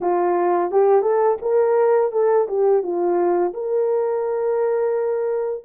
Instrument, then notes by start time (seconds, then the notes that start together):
horn
0.00 F4
0.71 G4
1.02 A4
1.41 A#4
2.12 A4
2.47 G4
2.82 F4
3.53 A#4